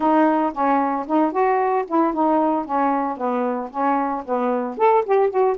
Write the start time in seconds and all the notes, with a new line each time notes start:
0.00 D#4
0.53 C#4
1.07 D#4
1.32 F#4
1.87 E4
2.13 D#4
2.65 C#4
3.17 B3
3.70 C#4
4.25 B3
4.77 A4
5.05 G4
5.30 F#4